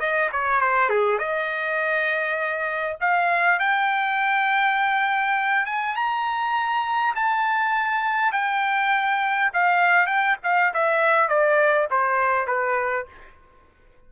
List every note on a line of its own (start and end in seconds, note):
0.00 0.30 D#5
0.32 0.61 C#5
0.61 0.89 C5
0.89 1.19 G#4
1.19 2.97 D#5
3.01 3.59 F5
3.59 5.66 G5
5.66 5.96 G#5
5.96 7.15 A#5
7.16 8.32 A5
8.32 9.51 G5
9.53 10.07 F5
10.07 10.37 G5
10.44 10.73 F5
10.74 11.29 E5
11.29 11.88 D5
11.91 12.47 C5
12.47 13.06 B4